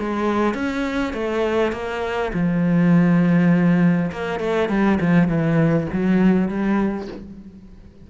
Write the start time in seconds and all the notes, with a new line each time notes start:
0.00 G#3
0.55 C#4
1.14 A3
1.73 A#3
2.34 F3
4.12 A#3
4.40 A3
4.69 G3
5.01 F3
5.28 E3
5.93 F#3
6.49 G3